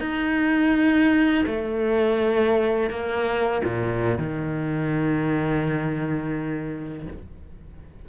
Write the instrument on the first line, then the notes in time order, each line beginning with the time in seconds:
cello
0.00 D#4
1.46 A3
2.90 A#3
3.64 A#2
4.18 D#3